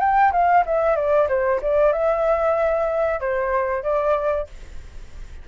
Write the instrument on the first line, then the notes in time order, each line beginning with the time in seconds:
flute
0.00 G5
0.32 F5
0.66 E5
0.96 D5
1.29 C5
1.62 D5
1.93 E5
3.21 C5
3.84 D5